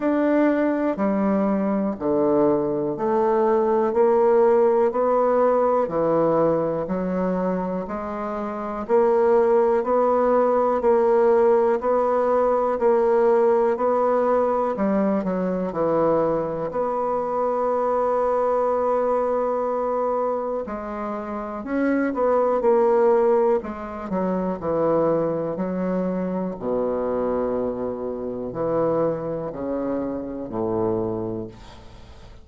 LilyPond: \new Staff \with { instrumentName = "bassoon" } { \time 4/4 \tempo 4 = 61 d'4 g4 d4 a4 | ais4 b4 e4 fis4 | gis4 ais4 b4 ais4 | b4 ais4 b4 g8 fis8 |
e4 b2.~ | b4 gis4 cis'8 b8 ais4 | gis8 fis8 e4 fis4 b,4~ | b,4 e4 cis4 a,4 | }